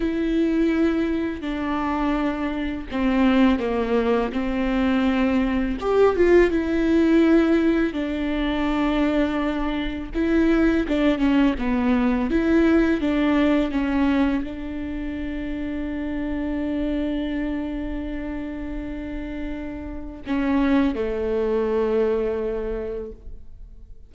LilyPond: \new Staff \with { instrumentName = "viola" } { \time 4/4 \tempo 4 = 83 e'2 d'2 | c'4 ais4 c'2 | g'8 f'8 e'2 d'4~ | d'2 e'4 d'8 cis'8 |
b4 e'4 d'4 cis'4 | d'1~ | d'1 | cis'4 a2. | }